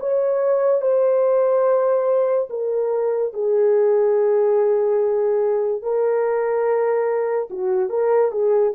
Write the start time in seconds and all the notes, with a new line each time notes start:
0.00 C#5
0.81 C5
2.50 A#4
3.34 G#4
5.82 A#4
7.50 F#4
7.90 A#4
8.31 G#4